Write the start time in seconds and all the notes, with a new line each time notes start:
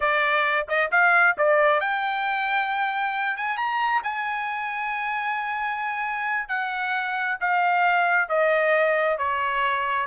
0.00 D5
0.68 D#5
0.91 F5
1.37 D5
1.80 G5
3.36 G#5
3.57 A#5
4.03 G#5
6.48 F#5
7.40 F5
8.28 D#5
9.18 C#5